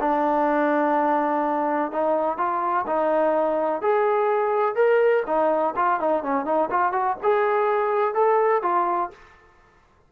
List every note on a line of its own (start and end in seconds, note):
0.00 1.92 D4
1.92 2.38 D#4
2.38 2.86 F4
2.87 3.82 D#4
3.82 4.75 G#4
4.75 5.23 A#4
5.26 5.74 D#4
5.76 6.00 F4
6.00 6.23 D#4
6.23 6.45 C#4
6.45 6.69 D#4
6.71 6.93 F4
6.93 7.17 F#4
7.23 8.14 G#4
8.14 8.62 A4
8.63 9.11 F4